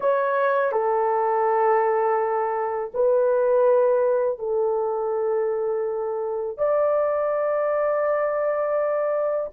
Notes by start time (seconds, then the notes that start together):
0.00 C#5
0.72 A4
2.93 B4
4.38 A4
6.57 D5